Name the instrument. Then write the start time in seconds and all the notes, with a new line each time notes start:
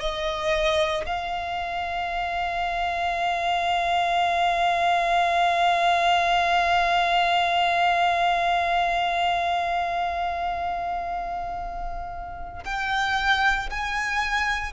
violin
0.00 D#5
1.06 F5
12.65 G5
13.70 G#5